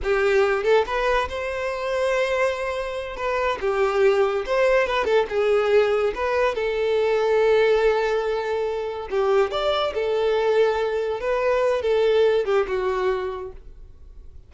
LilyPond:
\new Staff \with { instrumentName = "violin" } { \time 4/4 \tempo 4 = 142 g'4. a'8 b'4 c''4~ | c''2.~ c''8 b'8~ | b'8 g'2 c''4 b'8 | a'8 gis'2 b'4 a'8~ |
a'1~ | a'4. g'4 d''4 a'8~ | a'2~ a'8 b'4. | a'4. g'8 fis'2 | }